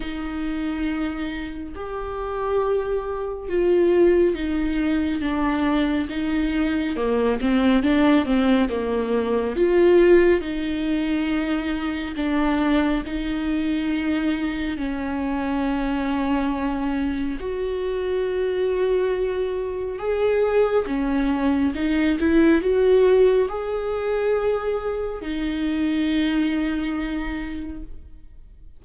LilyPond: \new Staff \with { instrumentName = "viola" } { \time 4/4 \tempo 4 = 69 dis'2 g'2 | f'4 dis'4 d'4 dis'4 | ais8 c'8 d'8 c'8 ais4 f'4 | dis'2 d'4 dis'4~ |
dis'4 cis'2. | fis'2. gis'4 | cis'4 dis'8 e'8 fis'4 gis'4~ | gis'4 dis'2. | }